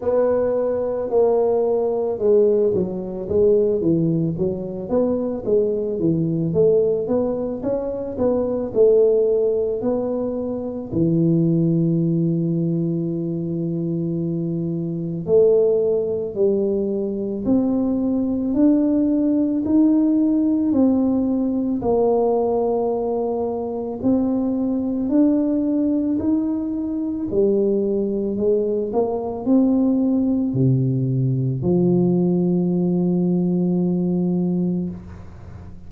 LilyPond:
\new Staff \with { instrumentName = "tuba" } { \time 4/4 \tempo 4 = 55 b4 ais4 gis8 fis8 gis8 e8 | fis8 b8 gis8 e8 a8 b8 cis'8 b8 | a4 b4 e2~ | e2 a4 g4 |
c'4 d'4 dis'4 c'4 | ais2 c'4 d'4 | dis'4 g4 gis8 ais8 c'4 | c4 f2. | }